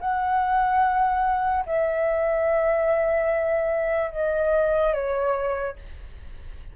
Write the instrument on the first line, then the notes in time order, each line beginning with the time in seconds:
flute
0.00 F#5
1.66 E5
4.11 D#5
4.94 C#5